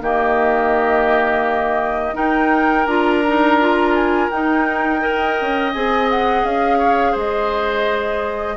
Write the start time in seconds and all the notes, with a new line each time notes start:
0.00 D#3 A#3 G4 D#5
2.14 D#4 A#4 G5
2.86 D4 F4 A#5
3.28 D#4
3.61 F4
3.94 G#5
4.30 D#4 G5
5.01 A#4 D#5
5.41 C#4
5.73 C4 G#4 G#5
6.10 F#5
6.44 C#4 F5
6.78 C#5
7.12 G#3 C5 D#5